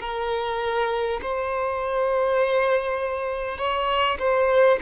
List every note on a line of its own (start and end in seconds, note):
0.00 1.20 A#4
1.22 3.58 C5
3.58 4.18 C#5
4.19 4.79 C5